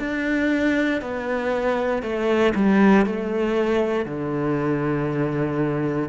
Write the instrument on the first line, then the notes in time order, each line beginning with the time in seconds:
cello
0.00 D4
1.02 B3
2.03 A3
2.55 G3
3.06 A3
4.06 D3